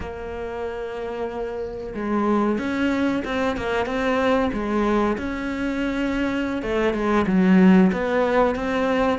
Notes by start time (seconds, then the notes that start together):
0.00 A#3
1.94 G#3
2.58 C#4
3.25 C4
3.57 A#3
3.86 C4
4.52 G#3
5.17 C#4
6.62 A3
6.93 G#3
7.26 F#3
7.92 B3
8.55 C4